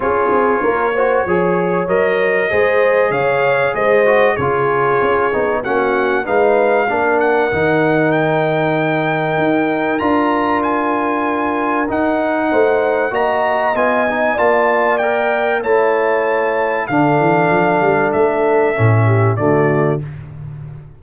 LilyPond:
<<
  \new Staff \with { instrumentName = "trumpet" } { \time 4/4 \tempo 4 = 96 cis''2. dis''4~ | dis''4 f''4 dis''4 cis''4~ | cis''4 fis''4 f''4. fis''8~ | fis''4 g''2. |
ais''4 gis''2 fis''4~ | fis''4 ais''4 gis''4 a''4 | g''4 a''2 f''4~ | f''4 e''2 d''4 | }
  \new Staff \with { instrumentName = "horn" } { \time 4/4 gis'4 ais'8 c''8 cis''2 | c''4 cis''4 c''4 gis'4~ | gis'4 fis'4 b'4 ais'4~ | ais'1~ |
ais'1 | c''4 dis''2 d''4~ | d''4 cis''2 a'4~ | a'2~ a'8 g'8 fis'4 | }
  \new Staff \with { instrumentName = "trombone" } { \time 4/4 f'4. fis'8 gis'4 ais'4 | gis'2~ gis'8 fis'8 f'4~ | f'8 dis'8 cis'4 dis'4 d'4 | dis'1 |
f'2. dis'4~ | dis'4 fis'4 f'8 dis'8 f'4 | ais'4 e'2 d'4~ | d'2 cis'4 a4 | }
  \new Staff \with { instrumentName = "tuba" } { \time 4/4 cis'8 c'8 ais4 f4 fis4 | gis4 cis4 gis4 cis4 | cis'8 b8 ais4 gis4 ais4 | dis2. dis'4 |
d'2. dis'4 | a4 ais4 b4 ais4~ | ais4 a2 d8 e8 | f8 g8 a4 a,4 d4 | }
>>